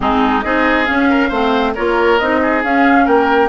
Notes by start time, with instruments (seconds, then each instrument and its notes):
0.00 bassoon G#3, clarinet C4, oboe D#4, flute G#4
0.42 bassoon C4, clarinet D#4, oboe G#4, flute D#5
0.85 clarinet C#4, bassoon C#4, flute F5
1.09 oboe A#4
1.28 bassoon A3, clarinet C4, oboe C5
1.74 bassoon A#3, clarinet F4, oboe A#4, flute C#5
2.18 bassoon C4, clarinet D#4, flute D#5
2.42 oboe G#4
2.63 bassoon C#4, clarinet C#4, flute F5
3.05 bassoon A#3, oboe A#4, flute G5